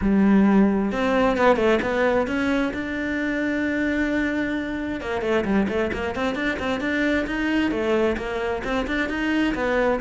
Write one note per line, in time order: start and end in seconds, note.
0.01 0.92 G3
0.92 1.37 C4
1.37 1.56 B3
1.56 1.79 A3
1.81 2.27 B3
2.27 2.72 C#4
2.73 5.00 D4
5.00 5.21 A#3
5.21 5.44 A3
5.44 5.67 G3
5.68 5.91 A3
5.92 6.15 A#3
6.15 6.35 C4
6.35 6.57 D4
6.59 6.80 C4
6.80 7.26 D4
7.26 7.71 D#4
7.71 8.16 A3
8.17 8.62 A#3
8.63 8.86 C4
8.87 9.09 D4
9.09 9.54 D#4
9.54 10.00 B3